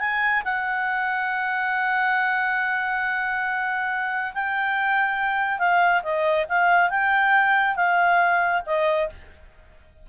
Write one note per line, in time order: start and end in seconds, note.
0.00 0.43 G#5
0.45 4.33 F#5
4.34 5.59 G5
5.59 6.02 F5
6.03 6.46 D#5
6.49 6.90 F5
6.90 7.76 G5
7.76 8.63 F5
8.66 9.10 D#5